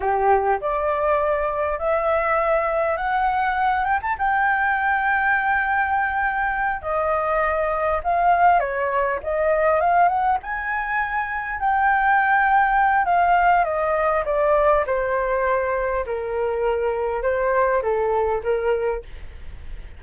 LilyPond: \new Staff \with { instrumentName = "flute" } { \time 4/4 \tempo 4 = 101 g'4 d''2 e''4~ | e''4 fis''4. g''16 a''16 g''4~ | g''2.~ g''8 dis''8~ | dis''4. f''4 cis''4 dis''8~ |
dis''8 f''8 fis''8 gis''2 g''8~ | g''2 f''4 dis''4 | d''4 c''2 ais'4~ | ais'4 c''4 a'4 ais'4 | }